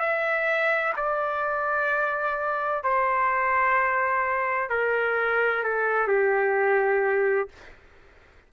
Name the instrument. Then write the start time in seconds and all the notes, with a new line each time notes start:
trumpet
0.00 E5
0.97 D5
2.84 C5
4.70 A#4
5.64 A4
6.08 G4